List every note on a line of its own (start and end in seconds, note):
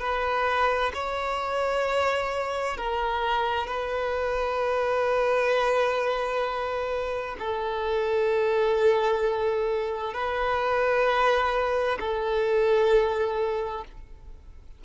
0.00 0.92 B4
0.94 2.77 C#5
2.77 3.67 A#4
3.67 7.36 B4
7.39 10.14 A4
10.14 11.99 B4
12.00 13.85 A4